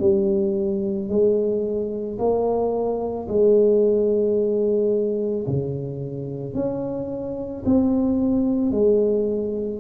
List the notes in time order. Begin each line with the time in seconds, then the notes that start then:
0.00 G3
1.10 G#3
2.19 A#3
3.28 G#3
5.47 C#3
6.55 C#4
7.66 C4
8.72 G#3